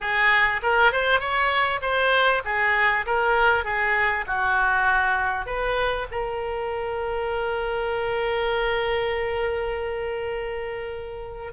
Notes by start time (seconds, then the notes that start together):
0.00 G#4
0.62 A#4
0.91 C5
1.20 C#5
1.81 C5
2.44 G#4
3.06 A#4
3.64 G#4
4.26 F#4
5.46 B4
6.11 A#4